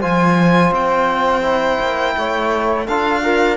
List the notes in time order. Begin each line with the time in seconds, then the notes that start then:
0.00 F3 F4 C5 G#5
0.71 C4 G5
1.43 E4
1.81 A#3
2.17 A3 C#5
2.85 D4 F4 A4 F5
3.21 F4 A#4